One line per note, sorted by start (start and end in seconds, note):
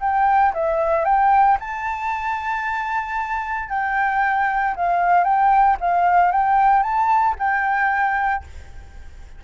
0.00 0.53 G5
0.53 1.05 E5
1.05 1.57 G5
1.60 3.69 A5
3.69 4.74 G5
4.76 5.24 F5
5.24 5.77 G5
5.80 6.31 F5
6.31 6.83 G5
6.83 7.35 A5
7.39 8.44 G5